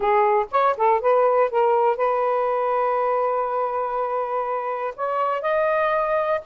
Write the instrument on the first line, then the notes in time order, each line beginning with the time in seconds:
saxophone
0.00 G#4
0.51 C#5
0.77 A4
1.00 B4
1.50 A#4
1.97 B4
4.96 C#5
5.41 D#5